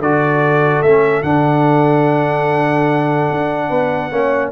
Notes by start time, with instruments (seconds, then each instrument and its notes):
0.00 tuba D3, trombone F#4, horn A4, trumpet D5
0.83 tuba A3, trombone C#4, trumpet E5
1.23 tuba D3, trombone D4, trumpet F#5
3.32 tuba D4
3.69 tuba B3, horn B4
4.12 tuba A#3, trombone C#4, horn C#5